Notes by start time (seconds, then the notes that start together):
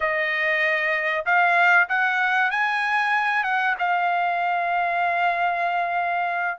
0.00 D#5
1.25 F5
1.88 F#5
2.51 G#5
3.43 F#5
3.78 F5